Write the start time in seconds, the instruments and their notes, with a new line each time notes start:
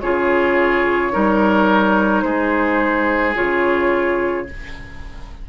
0.00 bassoon C#3, clarinet F4, oboe G#4, flute C#5
1.12 bassoon G3, clarinet D#4, oboe A#4
2.22 bassoon G#3, oboe G#4, flute C5
3.34 bassoon C#3, clarinet F4, flute C#5